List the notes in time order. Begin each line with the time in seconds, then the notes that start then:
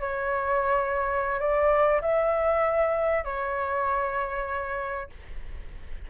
0.00 C#5
1.39 D5
2.01 E5
3.24 C#5